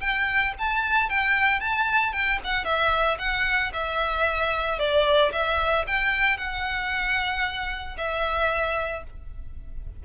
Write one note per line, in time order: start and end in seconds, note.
0.00 0.53 G5
0.58 1.09 A5
1.09 1.60 G5
1.60 2.12 A5
2.12 2.39 G5
2.44 2.65 F#5
2.65 3.18 E5
3.19 3.72 F#5
3.73 4.79 E5
4.79 5.32 D5
5.32 5.85 E5
5.87 6.37 G5
6.37 7.97 F#5
7.97 9.03 E5